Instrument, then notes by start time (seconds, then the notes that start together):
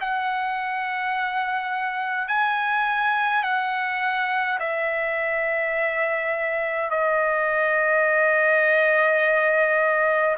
trumpet
0.00 F#5
2.28 G#5
3.43 F#5
4.59 E5
6.90 D#5